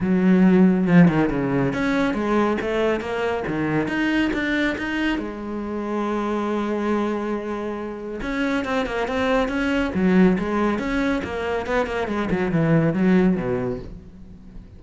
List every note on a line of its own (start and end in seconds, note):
0.00 0.87 F#3
0.87 1.08 F3
1.08 1.29 D#3
1.30 1.73 C#3
1.73 2.14 C#4
2.14 2.57 G#3
2.61 3.00 A3
3.00 3.43 A#3
3.47 3.88 D#3
3.88 4.31 D#4
4.33 4.76 D4
4.78 5.18 D#4
5.18 8.20 G#3
8.21 8.64 C#4
8.64 8.86 C4
8.86 9.07 A#3
9.07 9.48 C4
9.48 9.91 C#4
9.94 10.37 F#3
10.38 10.78 G#3
10.78 11.21 C#4
11.24 11.66 A#3
11.66 11.86 B3
11.86 12.07 A#3
12.07 12.29 G#3
12.30 12.51 F#3
12.51 12.93 E3
12.93 13.36 F#3
13.36 13.79 B2